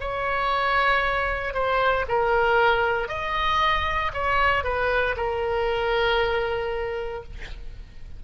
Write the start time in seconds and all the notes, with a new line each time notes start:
0.00 C#5
1.54 C5
2.08 A#4
3.08 D#5
4.13 C#5
4.64 B4
5.16 A#4